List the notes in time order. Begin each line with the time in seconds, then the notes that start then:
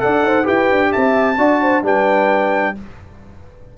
0.00 D4 A4 D5 F#5
0.22 D#4 C5
0.43 E4 G4 B4 G5
0.71 D4
0.91 C4 E5 A5
1.38 D4 F#4 D5
1.61 C5
1.82 G3 D4 B4 G5